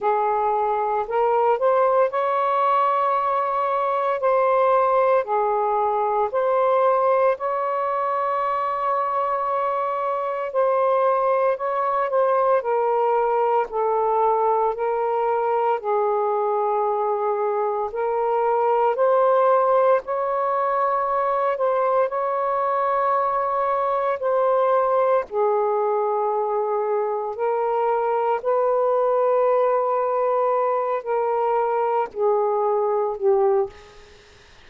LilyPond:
\new Staff \with { instrumentName = "saxophone" } { \time 4/4 \tempo 4 = 57 gis'4 ais'8 c''8 cis''2 | c''4 gis'4 c''4 cis''4~ | cis''2 c''4 cis''8 c''8 | ais'4 a'4 ais'4 gis'4~ |
gis'4 ais'4 c''4 cis''4~ | cis''8 c''8 cis''2 c''4 | gis'2 ais'4 b'4~ | b'4. ais'4 gis'4 g'8 | }